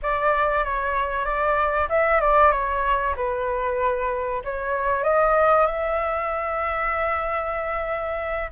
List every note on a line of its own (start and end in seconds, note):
0.02 0.64 D5
0.64 1.25 C#5
1.25 1.88 D5
1.89 2.20 E5
2.20 2.51 D5
2.51 3.14 C#5
3.16 4.42 B4
4.44 5.03 C#5
5.03 5.66 D#5
5.66 8.50 E5